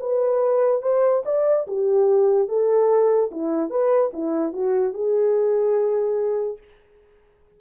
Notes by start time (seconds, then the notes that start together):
0.00 B4
0.82 C5
1.25 D5
1.67 G4
2.48 A4
3.31 E4
3.70 B4
4.13 E4
4.53 F#4
4.94 G#4